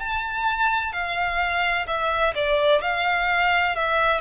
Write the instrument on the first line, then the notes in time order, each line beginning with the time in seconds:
violin
0.00 A5
0.93 F5
1.87 E5
2.35 D5
2.82 F5
3.76 E5